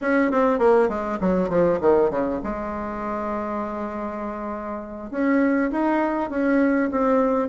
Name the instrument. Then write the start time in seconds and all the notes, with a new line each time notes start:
bassoon
0.01 C#4
0.31 C4
0.58 A#3
0.88 G#3
1.20 F#3
1.49 F3
1.80 D#3
2.10 C#3
2.43 G#3
5.11 C#4
5.71 D#4
6.30 C#4
6.91 C4